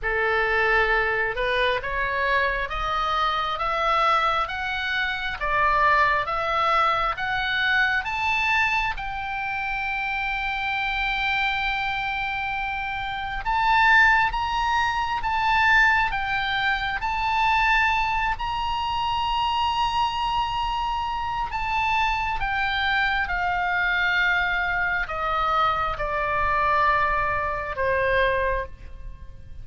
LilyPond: \new Staff \with { instrumentName = "oboe" } { \time 4/4 \tempo 4 = 67 a'4. b'8 cis''4 dis''4 | e''4 fis''4 d''4 e''4 | fis''4 a''4 g''2~ | g''2. a''4 |
ais''4 a''4 g''4 a''4~ | a''8 ais''2.~ ais''8 | a''4 g''4 f''2 | dis''4 d''2 c''4 | }